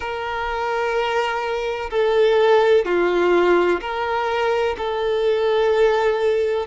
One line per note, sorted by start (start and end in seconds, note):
0.00 1.90 A#4
1.90 2.85 A4
2.85 3.80 F4
3.81 4.76 A#4
4.77 6.66 A4